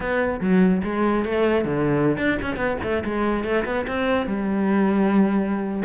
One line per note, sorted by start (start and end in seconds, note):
0.00 0.40 B3
0.40 0.82 F#3
0.83 1.24 G#3
1.24 1.65 A3
1.65 2.17 D3
2.17 2.38 D4
2.41 2.56 C#4
2.56 2.77 B3
2.82 3.03 A3
3.04 3.43 G#3
3.43 3.64 A3
3.65 3.86 B3
3.87 4.26 C4
4.26 5.82 G3